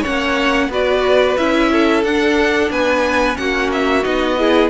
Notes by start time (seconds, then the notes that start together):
0.00 C#4 C#5 F#5
0.07 A#3
0.68 B3 F#4 B4 D5
1.37 C#4 E4 E5
1.71 A4
2.03 D4 F#5
2.70 B3 B4 G#5
3.34 A#3 C#4 F#4 F#5
3.72 E5
4.02 B3 D#4 D#5
4.38 E4 G#4